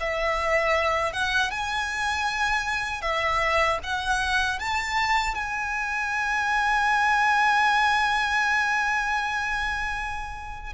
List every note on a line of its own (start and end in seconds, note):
0.00 1.13 E5
1.13 1.51 F#5
1.51 3.02 G#5
3.02 3.79 E5
3.84 4.59 F#5
4.59 5.35 A5
5.35 10.73 G#5